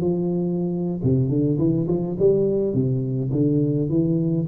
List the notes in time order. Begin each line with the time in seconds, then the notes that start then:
0.00 F3
1.03 C3
1.29 D3
1.58 E3
1.88 F3
2.19 G3
2.73 C3
3.32 D3
3.89 E3